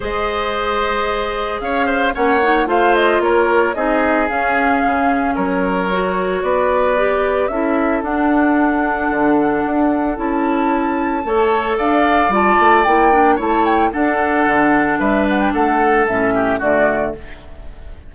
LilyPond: <<
  \new Staff \with { instrumentName = "flute" } { \time 4/4 \tempo 4 = 112 dis''2. f''4 | fis''4 f''8 dis''8 cis''4 dis''4 | f''2 cis''2 | d''2 e''4 fis''4~ |
fis''2. a''4~ | a''2 f''4 a''4 | g''4 a''8 g''8 fis''2 | e''8 fis''16 g''16 fis''4 e''4 d''4 | }
  \new Staff \with { instrumentName = "oboe" } { \time 4/4 c''2. cis''8 c''8 | cis''4 c''4 ais'4 gis'4~ | gis'2 ais'2 | b'2 a'2~ |
a'1~ | a'4 cis''4 d''2~ | d''4 cis''4 a'2 | b'4 a'4. g'8 fis'4 | }
  \new Staff \with { instrumentName = "clarinet" } { \time 4/4 gis'1 | cis'8 dis'8 f'2 dis'4 | cis'2. fis'4~ | fis'4 g'4 e'4 d'4~ |
d'2. e'4~ | e'4 a'2 f'4 | e'8 d'8 e'4 d'2~ | d'2 cis'4 a4 | }
  \new Staff \with { instrumentName = "bassoon" } { \time 4/4 gis2. cis'4 | ais4 a4 ais4 c'4 | cis'4 cis4 fis2 | b2 cis'4 d'4~ |
d'4 d4 d'4 cis'4~ | cis'4 a4 d'4 g8 a8 | ais4 a4 d'4 d4 | g4 a4 a,4 d4 | }
>>